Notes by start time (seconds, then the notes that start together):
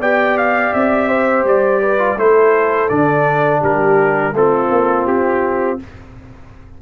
0.00 B3 G4 D5 G5
0.37 F5
0.73 C4 E5
1.08 C5
1.44 G3 D5
1.81 B4
1.98 F4
2.17 A3 E4 A4 C5
2.89 D3 D4 D5
3.61 G3 G4 A#4
4.33 A3 C4 F4 A4
4.70 A#3
5.06 C4 G4